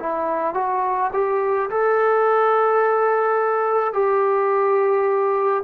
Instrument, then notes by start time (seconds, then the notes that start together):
trombone
0.00 E4
0.55 F#4
1.13 G4
1.70 A4
3.94 G4